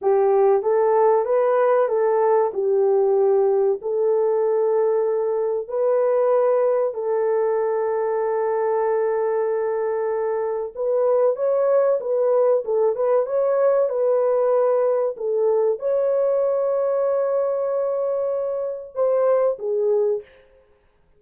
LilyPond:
\new Staff \with { instrumentName = "horn" } { \time 4/4 \tempo 4 = 95 g'4 a'4 b'4 a'4 | g'2 a'2~ | a'4 b'2 a'4~ | a'1~ |
a'4 b'4 cis''4 b'4 | a'8 b'8 cis''4 b'2 | a'4 cis''2.~ | cis''2 c''4 gis'4 | }